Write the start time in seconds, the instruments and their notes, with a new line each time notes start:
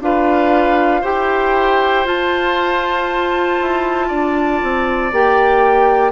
0.00 bassoon D4, clarinet F4, oboe B4, flute F5
1.01 bassoon E4, clarinet G4, oboe C5, flute G5
2.05 clarinet F4, bassoon F4, flute A5
3.61 bassoon E4
4.08 bassoon D4, oboe D5
4.62 bassoon C4
5.12 bassoon A#3, clarinet G4, flute G5